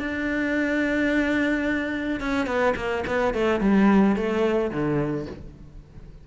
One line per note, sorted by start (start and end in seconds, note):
0.00 2.21 D4
2.21 2.47 C#4
2.47 2.74 B3
2.77 3.04 A#3
3.07 3.34 B3
3.34 3.61 A3
3.61 4.16 G3
4.16 4.71 A3
4.71 5.27 D3